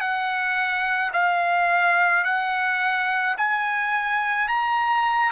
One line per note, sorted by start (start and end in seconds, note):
0.00 1.11 F#5
1.13 2.24 F5
2.24 3.35 F#5
3.37 4.48 G#5
4.48 5.31 A#5